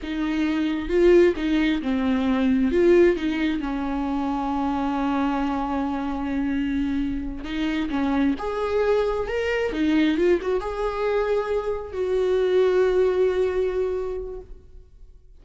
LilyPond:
\new Staff \with { instrumentName = "viola" } { \time 4/4 \tempo 4 = 133 dis'2 f'4 dis'4 | c'2 f'4 dis'4 | cis'1~ | cis'1~ |
cis'8 dis'4 cis'4 gis'4.~ | gis'8 ais'4 dis'4 f'8 fis'8 gis'8~ | gis'2~ gis'8 fis'4.~ | fis'1 | }